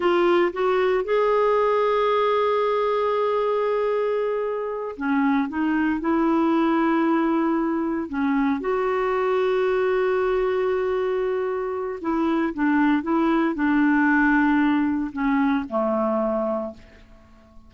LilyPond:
\new Staff \with { instrumentName = "clarinet" } { \time 4/4 \tempo 4 = 115 f'4 fis'4 gis'2~ | gis'1~ | gis'4. cis'4 dis'4 e'8~ | e'2.~ e'8 cis'8~ |
cis'8 fis'2.~ fis'8~ | fis'2. e'4 | d'4 e'4 d'2~ | d'4 cis'4 a2 | }